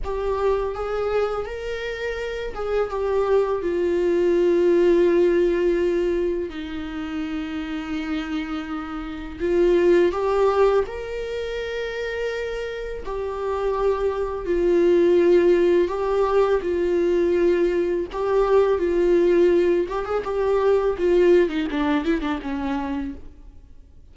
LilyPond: \new Staff \with { instrumentName = "viola" } { \time 4/4 \tempo 4 = 83 g'4 gis'4 ais'4. gis'8 | g'4 f'2.~ | f'4 dis'2.~ | dis'4 f'4 g'4 ais'4~ |
ais'2 g'2 | f'2 g'4 f'4~ | f'4 g'4 f'4. g'16 gis'16 | g'4 f'8. dis'16 d'8 e'16 d'16 cis'4 | }